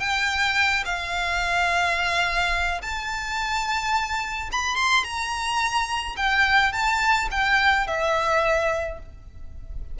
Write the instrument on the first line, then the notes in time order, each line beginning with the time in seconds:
violin
0.00 G5
0.85 F5
2.82 A5
4.52 B5
4.76 C6
5.04 A#5
6.17 G5
6.73 A5
7.31 G5
7.87 E5